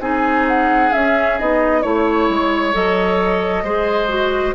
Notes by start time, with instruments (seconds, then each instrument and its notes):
0.00 bassoon C4, clarinet D#4, oboe G#4, flute G#5
0.48 flute F#5
0.92 clarinet C#4, bassoon C#4, flute E5
1.39 bassoon B3, clarinet D#4, flute D#5
1.82 bassoon A3, clarinet E4, oboe C#5, flute C#5
2.29 bassoon G#3
2.73 bassoon F#3, clarinet A4, flute D#5
3.63 bassoon G#3, clarinet G#4, oboe C5
4.09 clarinet F#4